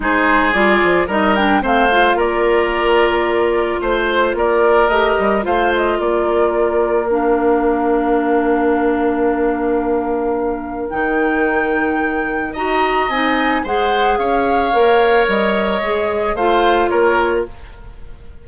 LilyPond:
<<
  \new Staff \with { instrumentName = "flute" } { \time 4/4 \tempo 4 = 110 c''4 d''4 dis''8 g''8 f''4 | d''2. c''4 | d''4 dis''4 f''8 dis''8 d''4~ | d''4 f''2.~ |
f''1 | g''2. ais''4 | gis''4 fis''4 f''2 | dis''2 f''4 cis''4 | }
  \new Staff \with { instrumentName = "oboe" } { \time 4/4 gis'2 ais'4 c''4 | ais'2. c''4 | ais'2 c''4 ais'4~ | ais'1~ |
ais'1~ | ais'2. dis''4~ | dis''4 c''4 cis''2~ | cis''2 c''4 ais'4 | }
  \new Staff \with { instrumentName = "clarinet" } { \time 4/4 dis'4 f'4 dis'8 d'8 c'8 f'8~ | f'1~ | f'4 g'4 f'2~ | f'4 d'2.~ |
d'1 | dis'2. fis'4 | dis'4 gis'2 ais'4~ | ais'4 gis'4 f'2 | }
  \new Staff \with { instrumentName = "bassoon" } { \time 4/4 gis4 g8 f8 g4 a4 | ais2. a4 | ais4 a8 g8 a4 ais4~ | ais1~ |
ais1 | dis2. dis'4 | c'4 gis4 cis'4 ais4 | g4 gis4 a4 ais4 | }
>>